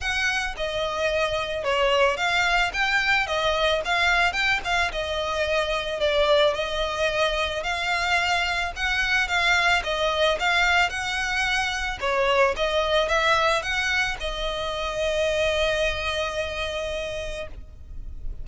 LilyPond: \new Staff \with { instrumentName = "violin" } { \time 4/4 \tempo 4 = 110 fis''4 dis''2 cis''4 | f''4 g''4 dis''4 f''4 | g''8 f''8 dis''2 d''4 | dis''2 f''2 |
fis''4 f''4 dis''4 f''4 | fis''2 cis''4 dis''4 | e''4 fis''4 dis''2~ | dis''1 | }